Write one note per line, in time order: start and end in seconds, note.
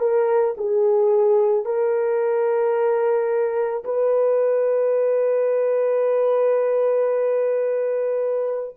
0.00 0.55 A#4
0.58 1.66 G#4
1.66 3.84 A#4
3.85 8.76 B4